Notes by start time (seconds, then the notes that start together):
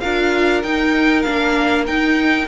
0.00 D4 F4 A#4 F5
0.63 D#4 G5
1.22 A#3 D4 F5
1.86 D#4 G5